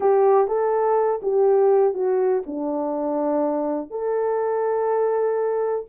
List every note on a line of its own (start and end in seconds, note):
0.00 0.47 G4
0.47 1.20 A4
1.22 1.94 G4
1.94 2.42 F#4
2.46 3.90 D4
3.90 5.85 A4